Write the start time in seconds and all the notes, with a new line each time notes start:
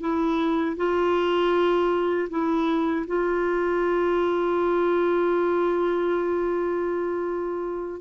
0.00 E4
0.76 F4
2.30 E4
3.07 F4